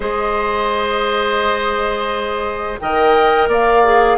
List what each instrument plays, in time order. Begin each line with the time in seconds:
0.00 bassoon G#3, clarinet G#4, oboe C5, flute D#5
2.79 bassoon D#3, clarinet A#4, oboe D#5, flute G5
3.47 bassoon A#3, oboe D5, flute F5
3.84 clarinet G#4